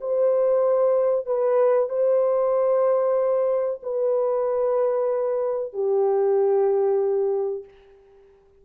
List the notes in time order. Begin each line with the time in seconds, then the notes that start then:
0.00 C5
1.25 B4
1.89 C5
3.82 B4
5.73 G4